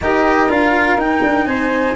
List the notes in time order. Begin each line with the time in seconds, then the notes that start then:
0.01 D#4 G4 A#4 D#5
0.49 D4 F4 F5
0.97 D#4 G5
1.22 D4
1.45 C4 C5 G#5